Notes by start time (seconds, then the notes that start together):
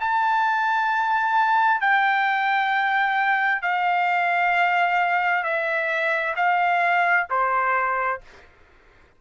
0.00 A5
1.81 G5
3.62 F5
5.43 E5
6.36 F5
7.30 C5